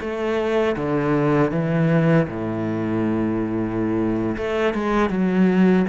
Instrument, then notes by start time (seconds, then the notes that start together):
cello
0.00 A3
0.76 D3
1.51 E3
2.28 A2
4.37 A3
4.74 G#3
5.10 F#3